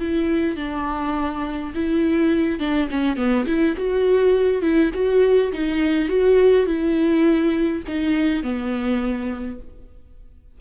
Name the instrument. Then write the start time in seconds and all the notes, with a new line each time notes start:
viola
0.00 E4
0.57 D4
1.75 E4
2.60 D4
2.91 C#4
3.17 B3
3.47 E4
3.77 F#4
4.62 E4
4.94 F#4
5.52 D#4
6.09 F#4
6.66 E4
7.88 D#4
8.43 B3